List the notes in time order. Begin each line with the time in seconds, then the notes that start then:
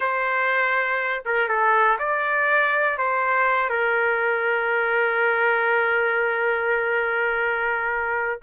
0.00 C5
1.25 A#4
1.48 A4
1.98 D5
2.98 C5
3.69 A#4